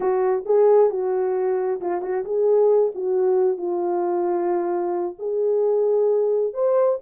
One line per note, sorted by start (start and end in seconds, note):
0.00 0.44 F#4
0.45 0.90 G#4
0.90 1.80 F#4
1.80 2.01 F4
2.01 2.24 F#4
2.24 2.92 G#4
2.94 3.57 F#4
3.57 5.15 F4
5.18 6.53 G#4
6.53 6.98 C5